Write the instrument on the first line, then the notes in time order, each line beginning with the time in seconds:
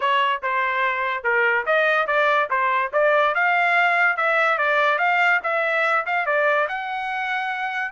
trumpet
0.00 C#5
0.42 C5
1.23 A#4
1.66 D#5
2.07 D5
2.49 C5
2.93 D5
3.34 F5
4.16 E5
4.58 D5
4.98 F5
5.43 E5
6.05 F5
6.26 D5
6.68 F#5